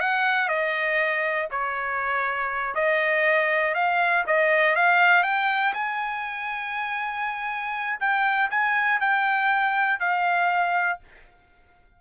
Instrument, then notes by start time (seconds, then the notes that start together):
trumpet
0.00 F#5
0.48 D#5
1.51 C#5
2.75 D#5
3.75 F5
4.27 D#5
4.75 F5
5.23 G5
5.74 G#5
8.00 G5
8.50 G#5
9.00 G5
10.00 F5